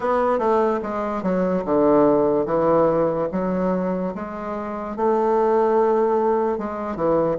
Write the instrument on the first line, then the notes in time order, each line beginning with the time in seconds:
bassoon
0.00 B3
0.38 A3
0.82 G#3
1.22 F#3
1.64 D3
2.45 E3
3.31 F#3
4.14 G#3
4.96 A3
6.58 G#3
6.96 E3